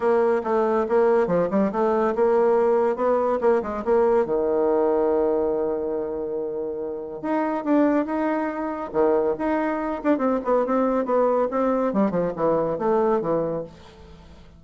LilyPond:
\new Staff \with { instrumentName = "bassoon" } { \time 4/4 \tempo 4 = 141 ais4 a4 ais4 f8 g8 | a4 ais2 b4 | ais8 gis8 ais4 dis2~ | dis1~ |
dis4 dis'4 d'4 dis'4~ | dis'4 dis4 dis'4. d'8 | c'8 b8 c'4 b4 c'4 | g8 f8 e4 a4 e4 | }